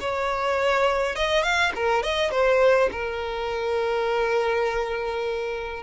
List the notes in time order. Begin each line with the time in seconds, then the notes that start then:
0.00 C#5
1.15 D#5
1.43 F5
1.75 A#4
2.03 D#5
2.31 C5
2.91 A#4